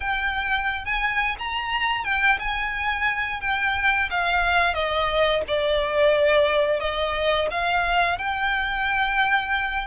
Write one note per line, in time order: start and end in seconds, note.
0.00 0.85 G5
0.85 1.36 G#5
1.38 2.04 A#5
2.04 2.38 G5
2.39 3.41 G#5
3.41 4.09 G5
4.10 4.74 F5
4.74 5.42 D#5
5.47 6.80 D5
6.80 7.48 D#5
7.51 8.18 F5
8.18 9.87 G5